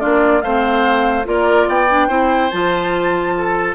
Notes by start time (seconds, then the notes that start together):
0.00 A#3 D4 F4 D5
0.42 A3 C4 C5 F5
1.25 A#3 F4 A#4 D5
1.68 B3 D5 G5
1.89 D4
2.08 C4 E4 C5
2.51 F3 F4 A5
3.38 A4